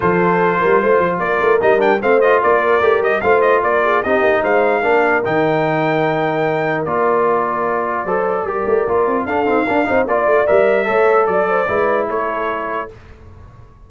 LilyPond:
<<
  \new Staff \with { instrumentName = "trumpet" } { \time 4/4 \tempo 4 = 149 c''2. d''4 | dis''8 g''8 f''8 dis''8 d''4. dis''8 | f''8 dis''8 d''4 dis''4 f''4~ | f''4 g''2.~ |
g''4 d''2.~ | d''2. f''4~ | f''4 d''4 e''2 | d''2 cis''2 | }
  \new Staff \with { instrumentName = "horn" } { \time 4/4 a'4. ais'8 c''4 ais'4~ | ais'4 c''4 ais'2 | c''4 ais'8 gis'8 g'4 c''4 | ais'1~ |
ais'1 | c''4 ais'2 a'4 | ais'8 c''8 d''2 cis''4 | d''8 c''8 b'4 a'2 | }
  \new Staff \with { instrumentName = "trombone" } { \time 4/4 f'1 | dis'8 d'8 c'8 f'4. g'4 | f'2 dis'2 | d'4 dis'2.~ |
dis'4 f'2. | a'4 g'4 f'4 d'8 c'8 | d'8 dis'8 f'4 ais'4 a'4~ | a'4 e'2. | }
  \new Staff \with { instrumentName = "tuba" } { \time 4/4 f4. g8 a8 f8 ais8 a8 | g4 a4 ais4 a8 g8 | a4 ais4 c'8 ais8 gis4 | ais4 dis2.~ |
dis4 ais2. | fis4 g8 a8 ais8 c'8 d'8 dis'8 | d'8 c'8 ais8 a8 g4 a4 | fis4 gis4 a2 | }
>>